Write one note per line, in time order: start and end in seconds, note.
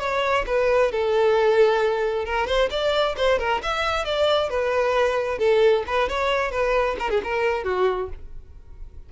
0.00 0.45 C#5
0.47 0.92 B4
0.92 2.26 A4
2.26 2.47 A#4
2.47 2.70 C5
2.71 3.16 D5
3.17 3.39 C5
3.39 3.62 A#4
3.63 4.05 E5
4.05 4.50 D5
4.50 5.39 B4
5.39 5.84 A4
5.87 6.09 B4
6.09 6.52 C#5
6.52 6.97 B4
6.99 7.11 A#4
7.11 7.22 G#4
7.24 7.65 A#4
7.65 8.10 F#4